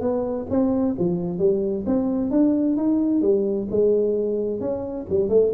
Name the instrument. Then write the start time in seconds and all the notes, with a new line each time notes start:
tuba
0.00 B3
0.50 C4
0.98 F3
1.38 G3
1.86 C4
2.31 D4
2.76 D#4
3.21 G3
3.70 G#3
4.60 C#4
5.09 G3
5.29 A3